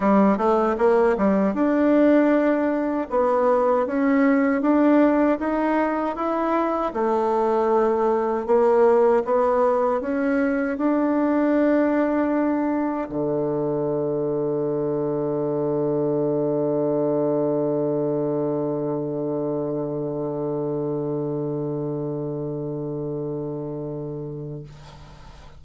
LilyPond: \new Staff \with { instrumentName = "bassoon" } { \time 4/4 \tempo 4 = 78 g8 a8 ais8 g8 d'2 | b4 cis'4 d'4 dis'4 | e'4 a2 ais4 | b4 cis'4 d'2~ |
d'4 d2.~ | d1~ | d1~ | d1 | }